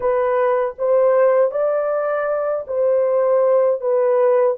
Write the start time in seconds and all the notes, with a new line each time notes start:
0.00 B4
0.78 C5
1.51 D5
2.67 C5
3.80 B4